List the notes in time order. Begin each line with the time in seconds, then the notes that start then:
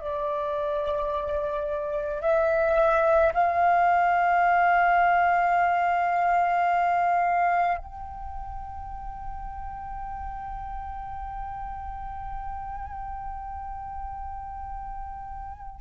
0.00 D5
2.22 E5
3.34 F5
7.78 G5